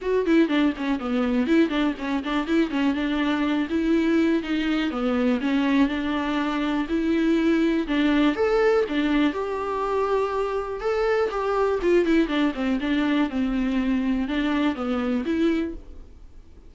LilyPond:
\new Staff \with { instrumentName = "viola" } { \time 4/4 \tempo 4 = 122 fis'8 e'8 d'8 cis'8 b4 e'8 d'8 | cis'8 d'8 e'8 cis'8 d'4. e'8~ | e'4 dis'4 b4 cis'4 | d'2 e'2 |
d'4 a'4 d'4 g'4~ | g'2 a'4 g'4 | f'8 e'8 d'8 c'8 d'4 c'4~ | c'4 d'4 b4 e'4 | }